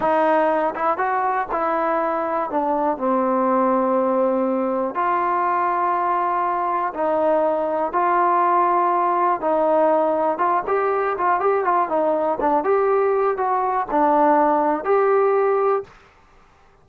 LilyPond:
\new Staff \with { instrumentName = "trombone" } { \time 4/4 \tempo 4 = 121 dis'4. e'8 fis'4 e'4~ | e'4 d'4 c'2~ | c'2 f'2~ | f'2 dis'2 |
f'2. dis'4~ | dis'4 f'8 g'4 f'8 g'8 f'8 | dis'4 d'8 g'4. fis'4 | d'2 g'2 | }